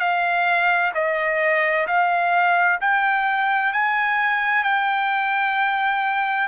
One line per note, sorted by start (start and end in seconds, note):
0.00 0.92 F5
0.95 1.87 D#5
1.88 2.80 F5
2.81 3.73 G5
3.73 4.64 G#5
4.64 6.48 G5